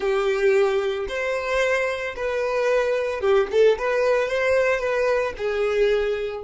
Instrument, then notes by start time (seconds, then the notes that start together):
violin
0.00 G4
1.08 C5
2.16 B4
3.20 G4
3.51 A4
3.78 B4
4.28 C5
4.80 B4
5.37 G#4